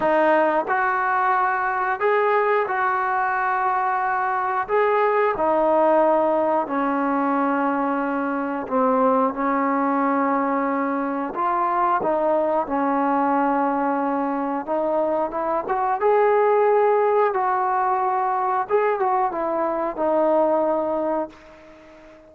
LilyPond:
\new Staff \with { instrumentName = "trombone" } { \time 4/4 \tempo 4 = 90 dis'4 fis'2 gis'4 | fis'2. gis'4 | dis'2 cis'2~ | cis'4 c'4 cis'2~ |
cis'4 f'4 dis'4 cis'4~ | cis'2 dis'4 e'8 fis'8 | gis'2 fis'2 | gis'8 fis'8 e'4 dis'2 | }